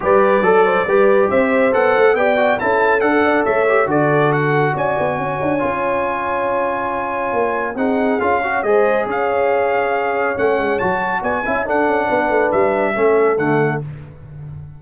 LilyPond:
<<
  \new Staff \with { instrumentName = "trumpet" } { \time 4/4 \tempo 4 = 139 d''2. e''4 | fis''4 g''4 a''4 fis''4 | e''4 d''4 fis''4 gis''4~ | gis''1~ |
gis''2 fis''4 f''4 | dis''4 f''2. | fis''4 a''4 gis''4 fis''4~ | fis''4 e''2 fis''4 | }
  \new Staff \with { instrumentName = "horn" } { \time 4/4 b'4 a'8 c''8 b'4 c''4~ | c''4 d''4 a'4. d''8 | cis''4 a'2 d''4 | cis''1~ |
cis''2 gis'4. cis''8 | c''4 cis''2.~ | cis''2 d''8 e''8 a'4 | b'2 a'2 | }
  \new Staff \with { instrumentName = "trombone" } { \time 4/4 g'4 a'4 g'2 | a'4 g'8 fis'8 e'4 a'4~ | a'8 g'8 fis'2.~ | fis'4 f'2.~ |
f'2 dis'4 f'8 fis'8 | gis'1 | cis'4 fis'4. e'8 d'4~ | d'2 cis'4 a4 | }
  \new Staff \with { instrumentName = "tuba" } { \time 4/4 g4 fis4 g4 c'4 | b8 a8 b4 cis'4 d'4 | a4 d2 cis'8 b8 | cis'8 d'8 cis'2.~ |
cis'4 ais4 c'4 cis'4 | gis4 cis'2. | a8 gis8 fis4 b8 cis'8 d'8 cis'8 | b8 a8 g4 a4 d4 | }
>>